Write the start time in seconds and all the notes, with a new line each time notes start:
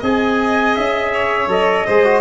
0.00 C4 G#4 D#5 G#5
0.75 C#4 E5
1.13 C#5
1.47 F#3 A4 D#5
1.86 G#3 G#4 C5
2.04 F#4